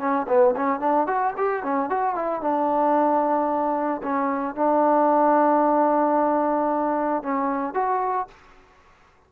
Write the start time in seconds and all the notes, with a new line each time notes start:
0.00 C#4
0.28 B3
0.56 C#4
0.80 D4
1.07 F#4
1.37 G4
1.63 C#4
1.90 F#4
2.15 E4
2.41 D4
4.03 C#4
4.55 D4
7.23 C#4
7.74 F#4